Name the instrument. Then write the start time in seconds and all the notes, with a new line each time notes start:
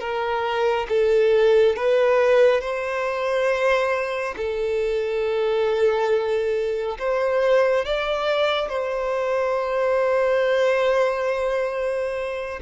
violin
0.00 A#4
0.89 A4
1.76 B4
2.61 C5
4.37 A4
6.99 C5
7.85 D5
8.69 C5